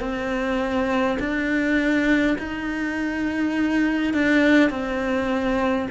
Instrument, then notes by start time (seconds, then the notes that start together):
cello
0.00 C4
1.20 D4
2.39 D#4
4.14 D4
4.71 C4